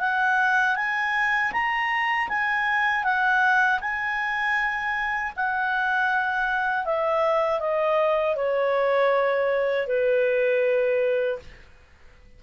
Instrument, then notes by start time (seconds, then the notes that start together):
clarinet
0.00 F#5
0.76 G#5
1.52 A#5
2.29 G#5
3.04 F#5
3.81 G#5
5.36 F#5
6.85 E5
7.60 D#5
8.36 C#5
9.87 B4